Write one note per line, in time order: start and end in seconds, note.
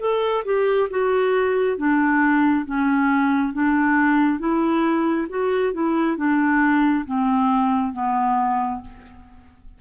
0.00 0.44 A4
0.45 0.89 G4
0.90 1.77 F#4
1.77 2.66 D4
2.66 3.53 C#4
3.53 4.39 D4
4.39 5.27 E4
5.29 5.73 F#4
5.73 6.17 E4
6.17 7.05 D4
7.05 7.93 C4
7.93 8.81 B3